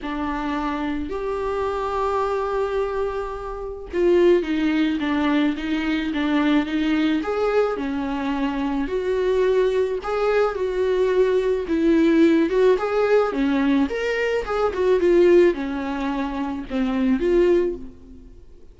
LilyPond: \new Staff \with { instrumentName = "viola" } { \time 4/4 \tempo 4 = 108 d'2 g'2~ | g'2. f'4 | dis'4 d'4 dis'4 d'4 | dis'4 gis'4 cis'2 |
fis'2 gis'4 fis'4~ | fis'4 e'4. fis'8 gis'4 | cis'4 ais'4 gis'8 fis'8 f'4 | cis'2 c'4 f'4 | }